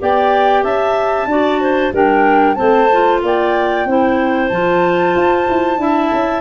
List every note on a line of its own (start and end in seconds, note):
0.00 0.64 B3
0.00 1.29 G4
0.00 0.64 D5
0.00 0.64 G5
0.64 1.26 C#4
0.64 1.28 E5
0.64 1.93 A5
1.26 1.91 D4
1.26 1.94 F#4
1.26 1.61 D5
1.61 1.94 C5
1.93 2.57 G3
1.93 2.56 D4
1.93 2.57 A#4
1.93 2.55 G5
2.55 3.23 A3
2.55 2.88 C4
2.55 3.21 C5
2.55 3.19 A5
2.93 3.88 F4
3.23 3.85 A#3
3.23 3.89 D5
3.23 4.49 G5
3.85 4.50 C4
3.85 4.51 E4
3.85 5.81 C5
4.49 5.16 F3
4.49 5.78 F4
4.49 6.41 A5
5.16 5.48 F4
5.49 5.78 E4
5.78 6.10 D4
5.78 6.41 E4
5.78 6.41 E5
6.13 6.41 C#4